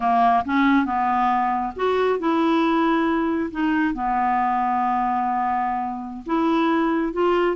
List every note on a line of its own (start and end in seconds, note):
0.00 0.43 A#3
0.45 0.85 C#4
0.85 1.72 B3
1.76 2.19 F#4
2.19 3.50 E4
3.51 3.94 D#4
3.94 6.24 B3
6.26 7.13 E4
7.13 7.56 F4